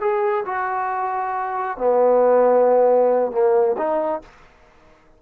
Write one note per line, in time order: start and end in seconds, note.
0.00 0.44 G#4
0.45 1.77 F#4
1.77 3.31 B3
3.31 3.76 A#3
3.77 4.21 D#4